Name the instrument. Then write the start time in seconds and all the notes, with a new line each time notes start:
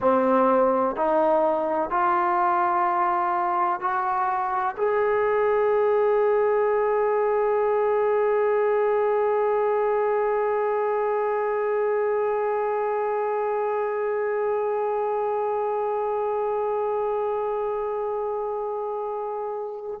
trombone
0.00 C4
0.95 D#4
1.90 F4
3.80 F#4
4.77 G#4